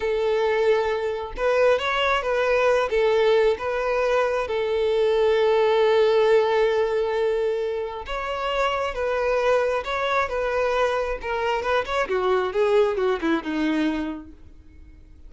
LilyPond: \new Staff \with { instrumentName = "violin" } { \time 4/4 \tempo 4 = 134 a'2. b'4 | cis''4 b'4. a'4. | b'2 a'2~ | a'1~ |
a'2 cis''2 | b'2 cis''4 b'4~ | b'4 ais'4 b'8 cis''8 fis'4 | gis'4 fis'8 e'8 dis'2 | }